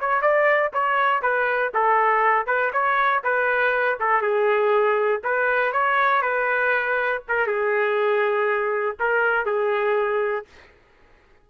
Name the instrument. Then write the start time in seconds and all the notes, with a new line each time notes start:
trumpet
0.00 C#5
0.22 D5
0.73 C#5
1.22 B4
1.74 A4
2.46 B4
2.73 C#5
3.23 B4
3.99 A4
4.22 G#4
5.23 B4
5.72 C#5
6.22 B4
7.28 A#4
7.47 G#4
8.99 A#4
9.46 G#4